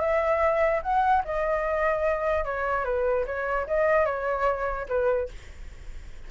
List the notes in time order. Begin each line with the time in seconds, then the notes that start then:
0.00 E5
0.82 F#5
1.24 D#5
2.44 C#5
2.84 B4
3.26 C#5
3.67 D#5
4.05 C#5
4.88 B4